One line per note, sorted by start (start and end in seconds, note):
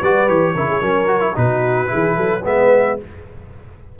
0.00 0.29 G3
0.00 0.28 F#4
0.00 0.54 B4
0.00 0.29 D5
0.28 0.55 E3
0.28 0.55 G4
0.28 1.37 C#5
0.55 0.82 C#3
0.55 0.82 E4
0.55 0.69 A#4
0.70 0.82 G#4
0.82 1.36 F#3
0.82 1.08 C#4
0.82 1.36 A#4
1.08 1.20 F#4
1.20 1.34 E4
1.35 1.91 B2
1.35 1.87 D#4
1.35 1.91 F#4
1.35 2.45 B4
1.87 2.41 E4
1.87 2.16 G#4
1.94 2.18 E3
2.16 2.45 F#3
2.16 2.42 A4
2.42 2.99 G#3
2.42 2.98 B3
2.42 2.96 B4
2.42 3.00 E5